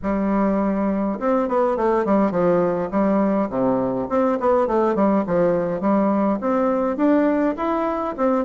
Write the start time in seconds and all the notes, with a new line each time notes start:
0.02 G3
1.19 C4
1.48 B3
1.76 A3
2.05 G3
2.31 F3
2.91 G3
3.49 C3
4.09 C4
4.40 B3
4.67 A3
4.95 G3
5.27 F3
5.80 G3
6.41 C4
6.96 D4
7.56 E4
8.17 C4